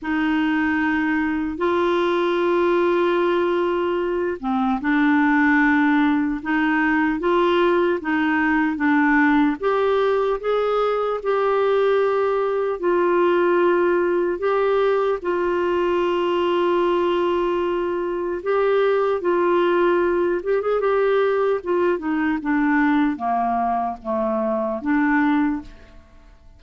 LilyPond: \new Staff \with { instrumentName = "clarinet" } { \time 4/4 \tempo 4 = 75 dis'2 f'2~ | f'4. c'8 d'2 | dis'4 f'4 dis'4 d'4 | g'4 gis'4 g'2 |
f'2 g'4 f'4~ | f'2. g'4 | f'4. g'16 gis'16 g'4 f'8 dis'8 | d'4 ais4 a4 d'4 | }